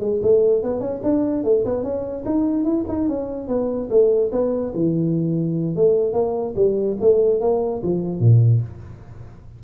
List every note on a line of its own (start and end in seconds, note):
0.00 0.21 G#3
0.23 0.63 A3
0.63 0.80 B3
0.80 1.00 C#4
1.03 1.44 D4
1.44 1.64 A3
1.65 1.83 B3
1.83 2.24 C#4
2.25 2.64 D#4
2.64 2.85 E4
2.88 3.09 D#4
3.09 3.48 C#4
3.48 3.89 B3
3.90 4.31 A3
4.32 4.73 B3
4.74 5.76 E3
5.76 6.13 A3
6.13 6.54 A#3
6.56 6.97 G3
7.01 7.41 A3
7.41 7.82 A#3
7.83 8.20 F3
8.20 8.61 A#2